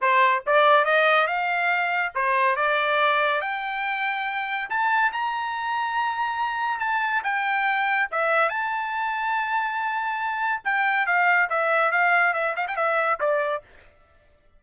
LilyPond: \new Staff \with { instrumentName = "trumpet" } { \time 4/4 \tempo 4 = 141 c''4 d''4 dis''4 f''4~ | f''4 c''4 d''2 | g''2. a''4 | ais''1 |
a''4 g''2 e''4 | a''1~ | a''4 g''4 f''4 e''4 | f''4 e''8 f''16 g''16 e''4 d''4 | }